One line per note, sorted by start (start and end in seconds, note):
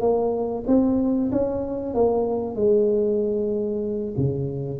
0.00 0.64 A#3
0.67 1.31 C4
1.32 1.94 C#4
1.94 2.55 A#3
2.55 4.15 G#3
4.17 4.80 C#3